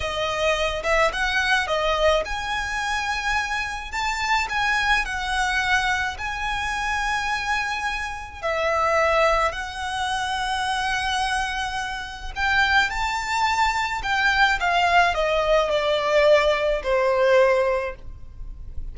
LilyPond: \new Staff \with { instrumentName = "violin" } { \time 4/4 \tempo 4 = 107 dis''4. e''8 fis''4 dis''4 | gis''2. a''4 | gis''4 fis''2 gis''4~ | gis''2. e''4~ |
e''4 fis''2.~ | fis''2 g''4 a''4~ | a''4 g''4 f''4 dis''4 | d''2 c''2 | }